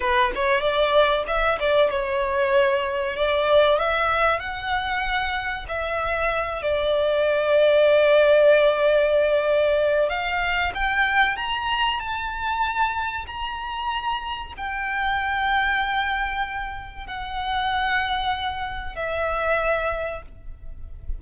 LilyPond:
\new Staff \with { instrumentName = "violin" } { \time 4/4 \tempo 4 = 95 b'8 cis''8 d''4 e''8 d''8 cis''4~ | cis''4 d''4 e''4 fis''4~ | fis''4 e''4. d''4.~ | d''1 |
f''4 g''4 ais''4 a''4~ | a''4 ais''2 g''4~ | g''2. fis''4~ | fis''2 e''2 | }